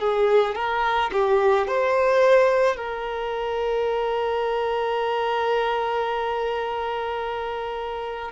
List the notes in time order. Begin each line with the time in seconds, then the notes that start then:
0.00 G#4
0.55 A#4
1.12 G4
1.67 C5
2.76 A#4